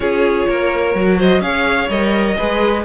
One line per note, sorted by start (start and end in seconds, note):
0.00 0.47 C#4
0.00 0.94 F4
0.00 0.48 G#4
0.00 1.18 C#5
0.48 0.94 A#3
0.48 1.18 A#4
0.94 1.40 F#3
0.94 1.41 F#4
1.18 1.41 C5
1.18 1.41 D#5
1.40 1.88 C#4
1.40 1.89 G#4
1.40 2.36 C#5
1.40 1.89 F5
1.89 2.36 G3
1.89 2.37 A#4
1.89 2.85 D#5
2.36 2.85 G#3
2.36 2.85 G#4
2.36 2.84 B4